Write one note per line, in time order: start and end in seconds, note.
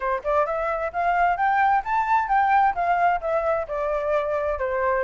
0.00 0.22 C5
0.24 0.46 D5
0.46 0.92 E5
0.92 1.36 F5
1.36 1.82 G5
1.84 2.28 A5
2.28 2.74 G5
2.74 3.20 F5
3.20 3.66 E5
3.67 4.59 D5
4.59 5.04 C5